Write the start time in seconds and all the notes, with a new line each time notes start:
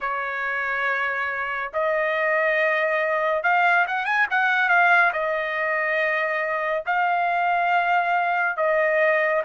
0.00 C#5
1.73 D#5
3.43 F5
3.87 F#5
4.05 G#5
4.30 F#5
4.68 F5
5.12 D#5
6.86 F5
8.56 D#5